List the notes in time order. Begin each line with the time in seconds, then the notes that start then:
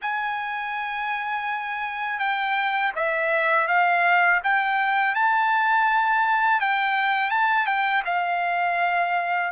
0.01 G#5
2.19 G5
2.95 E5
3.67 F5
4.43 G5
5.14 A5
6.60 G5
7.30 A5
7.66 G5
8.05 F5